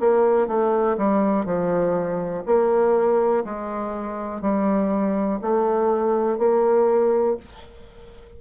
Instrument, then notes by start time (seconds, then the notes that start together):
bassoon
0.00 A#3
0.48 A3
0.98 G3
1.46 F3
2.46 A#3
3.45 G#3
4.42 G3
5.42 A3
6.39 A#3